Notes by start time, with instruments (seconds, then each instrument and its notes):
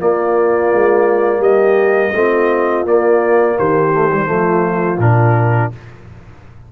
0.00 trombone A#3, tuba A#3, horn F4, trumpet D5
0.73 tuba G#3
1.39 tuba G3, horn G4, trumpet D#5
2.14 tuba A3, trombone C4, horn F4
2.85 tuba A#3, trombone A#3, trumpet D5
3.57 tuba D#3, horn G4, trumpet C5
3.93 trombone A3
4.12 trombone G3
4.25 tuba F3, trombone A3, horn F4
4.99 tuba A#2, trombone D4, trumpet A#4